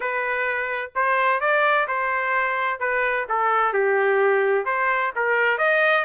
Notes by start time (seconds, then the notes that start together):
0.00 B4
0.95 C5
1.40 D5
1.87 C5
2.79 B4
3.28 A4
3.73 G4
4.65 C5
5.15 A#4
5.58 D#5